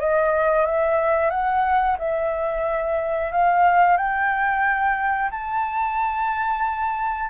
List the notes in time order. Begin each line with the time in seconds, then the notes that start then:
0.00 D#5
0.66 E5
1.30 F#5
1.98 E5
3.32 F5
3.97 G5
5.31 A5